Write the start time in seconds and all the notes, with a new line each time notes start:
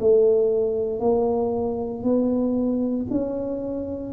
0.00 A3
1.00 A#3
2.03 B3
3.11 C#4